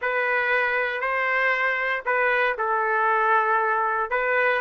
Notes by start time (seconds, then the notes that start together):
0.01 B4
1.00 C5
2.05 B4
2.58 A4
4.10 B4